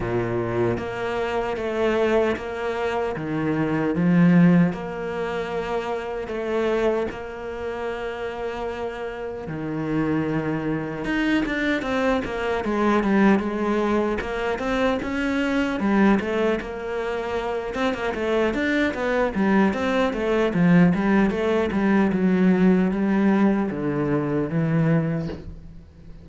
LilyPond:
\new Staff \with { instrumentName = "cello" } { \time 4/4 \tempo 4 = 76 ais,4 ais4 a4 ais4 | dis4 f4 ais2 | a4 ais2. | dis2 dis'8 d'8 c'8 ais8 |
gis8 g8 gis4 ais8 c'8 cis'4 | g8 a8 ais4. c'16 ais16 a8 d'8 | b8 g8 c'8 a8 f8 g8 a8 g8 | fis4 g4 d4 e4 | }